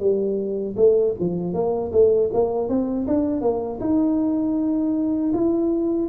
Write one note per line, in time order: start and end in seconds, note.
0.00 0.76 G3
0.76 1.14 A3
1.20 1.54 F3
1.54 1.92 A#3
1.92 2.30 A3
2.33 2.69 A#3
2.69 3.07 C4
3.08 3.41 D4
3.41 3.79 A#3
3.80 5.32 D#4
5.34 6.09 E4